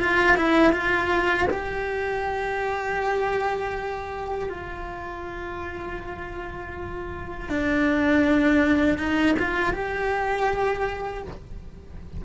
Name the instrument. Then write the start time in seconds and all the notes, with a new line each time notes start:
cello
0.00 F4
0.37 E4
0.73 F4
1.50 G4
4.50 F4
7.49 D4
8.98 D#4
9.39 F4
9.74 G4